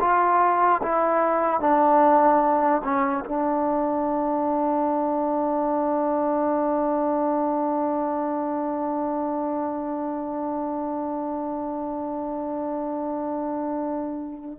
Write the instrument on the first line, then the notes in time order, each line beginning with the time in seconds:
trombone
0.00 F4
0.82 E4
1.60 D4
2.83 C#4
3.25 D4